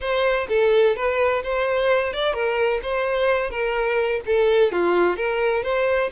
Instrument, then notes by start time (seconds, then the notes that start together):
violin
0.00 C5
0.49 A4
0.95 B4
1.43 C5
2.13 D5
2.33 A#4
2.82 C5
3.50 A#4
4.25 A4
4.72 F4
5.16 A#4
5.63 C5